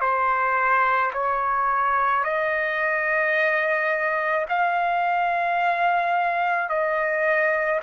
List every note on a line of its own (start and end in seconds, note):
0.00 1.11 C5
1.13 2.24 C#5
2.24 4.46 D#5
4.48 6.69 F5
6.69 7.80 D#5